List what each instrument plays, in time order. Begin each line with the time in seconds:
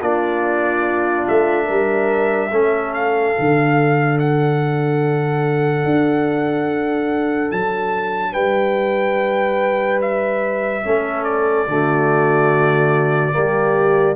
0.00 tuba A#3, trombone D4, horn F4, trumpet D5
1.27 tuba A3, trumpet E5
1.65 tuba G3, horn A#4
2.51 tuba A3, trombone C#4, horn A4
2.93 trumpet F5
3.35 tuba D3, trombone D4
4.19 trumpet F#5
5.84 tuba D4
7.51 tuba F#3, trumpet A5
8.32 tuba G3, horn B4, trumpet G5
10.01 trumpet E5
10.84 tuba A3, trombone C#4, horn A4
11.24 trumpet D5
11.67 tuba D3, trombone A3, horn F#4
13.32 tuba G3, trombone A#3, horn G4